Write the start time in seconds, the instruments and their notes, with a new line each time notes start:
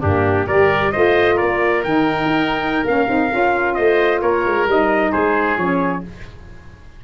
0.00 tuba G2, saxophone A#3, oboe D4, trumpet G4
0.46 tuba G3, saxophone G4, oboe A#4, trumpet D5
0.92 tuba A3, saxophone F4, oboe C5, trumpet D#5
1.35 oboe A#4, trumpet D5
1.41 tuba A#3
1.83 tuba D#3, saxophone D#4, trumpet G5
2.25 tuba D#4
2.84 tuba A#3, saxophone C#4, trumpet F5
3.08 tuba C4, saxophone D#4
3.30 tuba C#4, saxophone F4
3.74 tuba A3, oboe C5, trumpet D#5
4.21 tuba A#3, oboe A#4, trumpet C#5
4.45 tuba G#3
4.66 tuba G3, saxophone D#4, trumpet D#5
5.11 tuba G#3, oboe G#4, trumpet C5
5.57 tuba F3, saxophone C#4, trumpet C#5